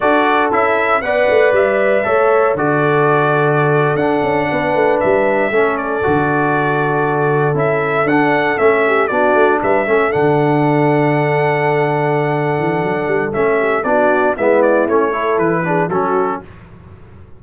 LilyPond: <<
  \new Staff \with { instrumentName = "trumpet" } { \time 4/4 \tempo 4 = 117 d''4 e''4 fis''4 e''4~ | e''4 d''2~ d''8. fis''16~ | fis''4.~ fis''16 e''4. d''8.~ | d''2~ d''8. e''4 fis''16~ |
fis''8. e''4 d''4 e''4 fis''16~ | fis''1~ | fis''2 e''4 d''4 | e''8 d''8 cis''4 b'4 a'4 | }
  \new Staff \with { instrumentName = "horn" } { \time 4/4 a'2 d''2 | cis''4 a'2.~ | a'8. b'2 a'4~ a'16~ | a'1~ |
a'4~ a'16 g'8 fis'4 b'8 a'8.~ | a'1~ | a'2~ a'8 g'8 fis'4 | e'4. a'4 gis'8 fis'4 | }
  \new Staff \with { instrumentName = "trombone" } { \time 4/4 fis'4 e'4 b'2 | a'4 fis'2~ fis'8. d'16~ | d'2~ d'8. cis'4 fis'16~ | fis'2~ fis'8. e'4 d'16~ |
d'8. cis'4 d'4. cis'8 d'16~ | d'1~ | d'2 cis'4 d'4 | b4 cis'8 e'4 d'8 cis'4 | }
  \new Staff \with { instrumentName = "tuba" } { \time 4/4 d'4 cis'4 b8 a8 g4 | a4 d2~ d8. d'16~ | d'16 cis'8 b8 a8 g4 a4 d16~ | d2~ d8. cis'4 d'16~ |
d'8. a4 b8 a8 g8 a8 d16~ | d1~ | d8 e8 fis8 g8 a4 b4 | gis4 a4 e4 fis4 | }
>>